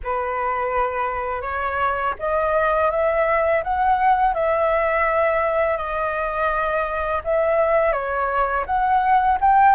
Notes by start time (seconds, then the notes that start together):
0.03 B4
1.41 C#5
2.19 D#5
2.90 E5
3.63 F#5
4.34 E5
5.77 D#5
7.24 E5
7.92 C#5
8.65 F#5
9.40 G5